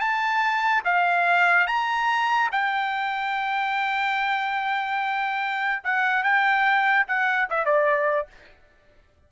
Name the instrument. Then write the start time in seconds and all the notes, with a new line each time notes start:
trumpet
0.00 A5
0.84 F5
1.66 A#5
2.51 G5
5.83 F#5
6.23 G5
7.07 F#5
7.49 E5
7.65 D5